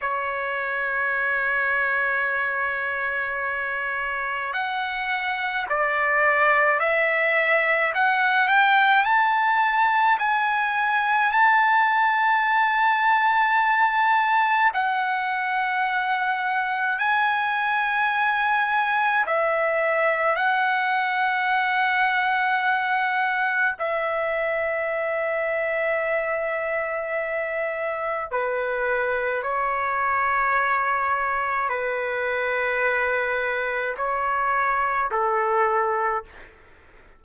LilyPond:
\new Staff \with { instrumentName = "trumpet" } { \time 4/4 \tempo 4 = 53 cis''1 | fis''4 d''4 e''4 fis''8 g''8 | a''4 gis''4 a''2~ | a''4 fis''2 gis''4~ |
gis''4 e''4 fis''2~ | fis''4 e''2.~ | e''4 b'4 cis''2 | b'2 cis''4 a'4 | }